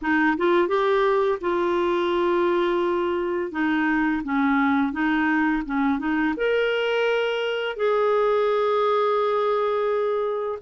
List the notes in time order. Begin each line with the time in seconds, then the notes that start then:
0.01 D#4
0.37 F4
0.68 G4
1.40 F4
3.51 D#4
4.24 C#4
4.92 D#4
5.65 C#4
5.98 D#4
6.36 A#4
7.76 G#4